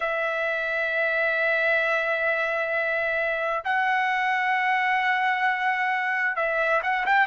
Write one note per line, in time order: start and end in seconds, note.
0.00 3.63 E5
3.64 6.36 F#5
6.36 6.81 E5
6.82 7.05 F#5
7.06 7.27 G5